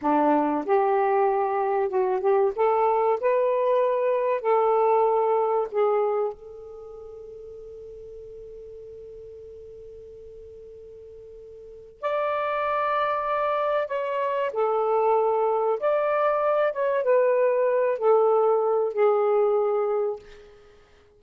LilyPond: \new Staff \with { instrumentName = "saxophone" } { \time 4/4 \tempo 4 = 95 d'4 g'2 fis'8 g'8 | a'4 b'2 a'4~ | a'4 gis'4 a'2~ | a'1~ |
a'2. d''4~ | d''2 cis''4 a'4~ | a'4 d''4. cis''8 b'4~ | b'8 a'4. gis'2 | }